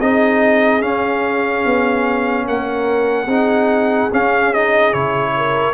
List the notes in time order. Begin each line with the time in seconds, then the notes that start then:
0.00 C4 D#4 G#4 D#5
0.82 C#4 F5
1.66 B3
2.47 A#3 A#4 F#5
3.27 C4 D#4 G#4
4.12 C#4 F5
4.54 D#4 D#5
4.93 C#3 E4 C#5
5.37 A#4